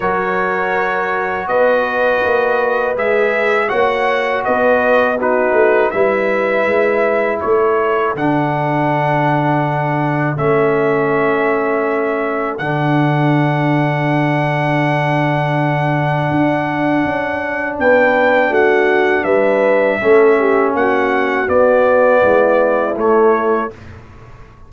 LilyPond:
<<
  \new Staff \with { instrumentName = "trumpet" } { \time 4/4 \tempo 4 = 81 cis''2 dis''2 | e''4 fis''4 dis''4 b'4 | e''2 cis''4 fis''4~ | fis''2 e''2~ |
e''4 fis''2.~ | fis''1 | g''4 fis''4 e''2 | fis''4 d''2 cis''4 | }
  \new Staff \with { instrumentName = "horn" } { \time 4/4 ais'2 b'2~ | b'4 cis''4 b'4 fis'4 | b'2 a'2~ | a'1~ |
a'1~ | a'1 | b'4 fis'4 b'4 a'8 g'8 | fis'2 e'2 | }
  \new Staff \with { instrumentName = "trombone" } { \time 4/4 fis'1 | gis'4 fis'2 dis'4 | e'2. d'4~ | d'2 cis'2~ |
cis'4 d'2.~ | d'1~ | d'2. cis'4~ | cis'4 b2 a4 | }
  \new Staff \with { instrumentName = "tuba" } { \time 4/4 fis2 b4 ais4 | gis4 ais4 b4. a8 | g4 gis4 a4 d4~ | d2 a2~ |
a4 d2.~ | d2 d'4 cis'4 | b4 a4 g4 a4 | ais4 b4 gis4 a4 | }
>>